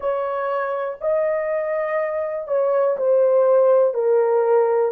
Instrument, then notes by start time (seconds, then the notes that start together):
horn
0.00 C#5
1.00 D#5
2.47 C#5
2.97 C5
3.93 A#4